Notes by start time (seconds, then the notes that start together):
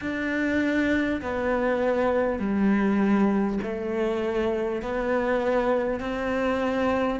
0.01 D4
1.21 B3
2.39 G3
3.62 A3
4.82 B3
6.00 C4